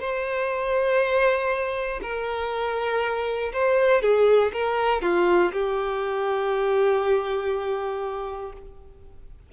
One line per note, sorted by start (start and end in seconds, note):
0.00 2.00 C5
2.02 3.52 A#4
3.53 4.01 C5
4.01 4.51 G#4
4.53 5.02 A#4
5.02 5.52 F4
5.52 8.52 G4